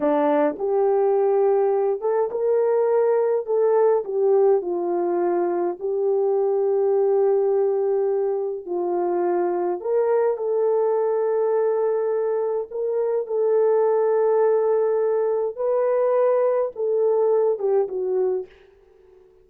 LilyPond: \new Staff \with { instrumentName = "horn" } { \time 4/4 \tempo 4 = 104 d'4 g'2~ g'8 a'8 | ais'2 a'4 g'4 | f'2 g'2~ | g'2. f'4~ |
f'4 ais'4 a'2~ | a'2 ais'4 a'4~ | a'2. b'4~ | b'4 a'4. g'8 fis'4 | }